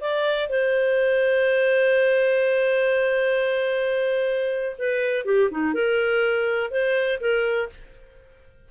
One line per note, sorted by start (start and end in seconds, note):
0.00 0.49 D5
0.49 4.76 C5
4.78 5.25 B4
5.25 5.49 G4
5.50 5.73 D#4
5.73 6.70 A#4
6.70 7.19 C5
7.20 7.69 A#4